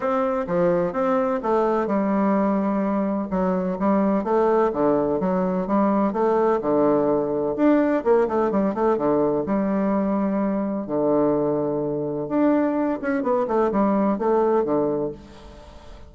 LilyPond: \new Staff \with { instrumentName = "bassoon" } { \time 4/4 \tempo 4 = 127 c'4 f4 c'4 a4 | g2. fis4 | g4 a4 d4 fis4 | g4 a4 d2 |
d'4 ais8 a8 g8 a8 d4 | g2. d4~ | d2 d'4. cis'8 | b8 a8 g4 a4 d4 | }